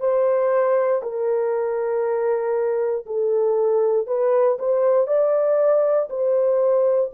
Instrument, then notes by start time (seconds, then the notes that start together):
horn
0.00 C5
1.03 A#4
3.06 A4
4.07 B4
4.59 C5
5.08 D5
6.10 C5